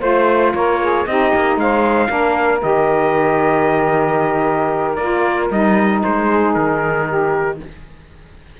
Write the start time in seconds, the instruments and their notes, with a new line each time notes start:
0.00 cello A3, saxophone F4 C5, trumpet C5
0.54 cello A#3, saxophone A#4, trumpet C#5
0.81 saxophone G#4
1.06 cello C4, saxophone D#4 G4, trumpet D#5
1.34 cello A#3
1.56 cello G#3, saxophone C5, trumpet F5
2.08 cello A#3, saxophone D4 A#4
2.61 cello D#3, saxophone G4, trumpet D#5
4.95 cello A#3, saxophone F4, trumpet D5
5.50 cello G3, saxophone D#4, trumpet D#5
6.03 cello G#3, trumpet C5
6.28 saxophone G#4
6.54 cello D#3, trumpet A#4
7.07 saxophone G4